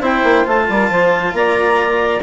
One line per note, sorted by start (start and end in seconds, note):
0.00 0.23 C4
0.00 0.45 E4
0.00 0.66 C5
0.00 0.48 G5
0.24 0.46 A#3
0.45 0.69 A3
0.45 2.20 F4
0.45 1.35 A5
0.69 0.91 G3
0.69 0.90 A#4
0.90 1.33 F3
0.90 1.34 C5
1.33 2.21 A#3
1.33 2.23 D5
1.33 2.22 A#5